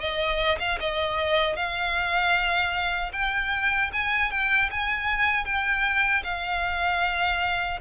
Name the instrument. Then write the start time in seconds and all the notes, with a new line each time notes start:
violin
0.00 D#5
0.59 F5
0.79 D#5
1.55 F5
3.12 G5
3.92 G#5
4.30 G5
4.70 G#5
5.45 G5
6.23 F5